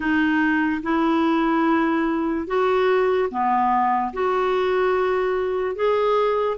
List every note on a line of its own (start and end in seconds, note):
0.00 0.81 D#4
0.83 2.47 E4
2.47 3.29 F#4
3.30 4.12 B3
4.13 5.75 F#4
5.75 6.58 G#4